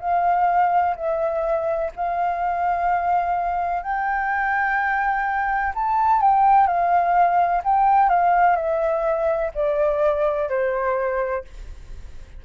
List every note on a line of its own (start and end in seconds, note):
0.00 0.95 F5
0.96 1.91 E5
1.96 3.83 F5
3.83 5.73 G5
5.75 6.21 A5
6.21 6.67 G5
6.67 7.62 F5
7.64 8.09 G5
8.09 8.56 F5
8.56 9.51 E5
9.54 10.49 D5
10.49 11.44 C5